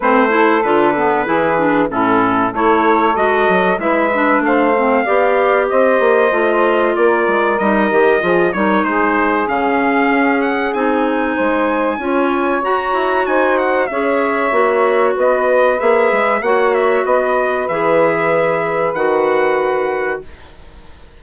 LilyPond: <<
  \new Staff \with { instrumentName = "trumpet" } { \time 4/4 \tempo 4 = 95 c''4 b'2 a'4 | cis''4 dis''4 e''4 f''4~ | f''4 dis''2 d''4 | dis''4. cis''8 c''4 f''4~ |
f''8 fis''8 gis''2. | ais''4 gis''8 fis''8 e''2 | dis''4 e''4 fis''8 e''8 dis''4 | e''2 fis''2 | }
  \new Staff \with { instrumentName = "saxophone" } { \time 4/4 b'8 a'4. gis'4 e'4 | a'2 b'4 c''4 | d''4 c''2 ais'4~ | ais'4 gis'8 ais'8 gis'2~ |
gis'2 c''4 cis''4~ | cis''4 c''4 cis''2 | b'2 cis''4 b'4~ | b'1 | }
  \new Staff \with { instrumentName = "clarinet" } { \time 4/4 c'8 e'8 f'8 b8 e'8 d'8 cis'4 | e'4 fis'4 e'8 d'4 c'8 | g'2 f'2 | dis'8 g'8 f'8 dis'4. cis'4~ |
cis'4 dis'2 f'4 | fis'2 gis'4 fis'4~ | fis'4 gis'4 fis'2 | gis'2 fis'2 | }
  \new Staff \with { instrumentName = "bassoon" } { \time 4/4 a4 d4 e4 a,4 | a4 gis8 fis8 gis4 a4 | b4 c'8 ais8 a4 ais8 gis8 | g8 dis8 f8 g8 gis4 cis4 |
cis'4 c'4 gis4 cis'4 | fis'8 e'8 dis'4 cis'4 ais4 | b4 ais8 gis8 ais4 b4 | e2 dis2 | }
>>